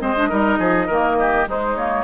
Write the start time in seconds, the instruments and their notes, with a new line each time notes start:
0.00 bassoon G#3, clarinet C4, oboe C5, flute D#5
0.17 clarinet D4
0.29 bassoon G3, clarinet D#4, oboe A#4
0.59 bassoon F3, oboe G#4
0.87 bassoon D#3, clarinet A#3, oboe A#4
1.19 oboe G4
1.47 clarinet G#3, bassoon G#3, oboe D#4, flute C5
1.76 clarinet A#3, flute C#5